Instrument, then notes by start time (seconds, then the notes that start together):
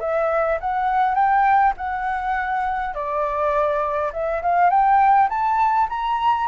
flute
0.00 E5
0.60 F#5
1.15 G5
1.77 F#5
2.94 D5
4.13 E5
4.43 F5
4.70 G5
5.29 A5
5.89 A#5